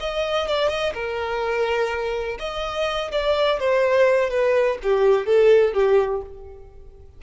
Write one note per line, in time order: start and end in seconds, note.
0.00 0.48 D#5
0.48 0.69 D5
0.69 0.93 D#5
0.94 2.38 A#4
2.39 3.11 D#5
3.12 3.60 D5
3.60 4.30 C5
4.30 4.78 B4
4.83 5.26 G4
5.26 5.73 A4
5.73 6.21 G4